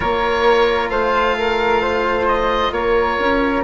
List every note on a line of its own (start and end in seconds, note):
0.00 0.89 A#3
0.00 3.62 F4
0.00 0.90 A#4
0.00 0.89 C#5
0.89 2.71 A3
0.89 1.35 C5
0.89 2.26 F5
1.37 1.81 A#4
1.81 2.72 C5
2.27 2.72 D#5
2.71 3.16 A#3
2.71 3.63 A#4
2.71 3.63 C#5
3.19 3.63 C#4